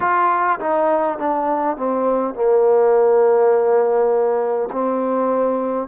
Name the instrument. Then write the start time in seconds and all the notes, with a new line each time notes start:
trombone
0.00 F4
0.59 D#4
1.18 D4
1.76 C4
2.34 A#3
4.72 C4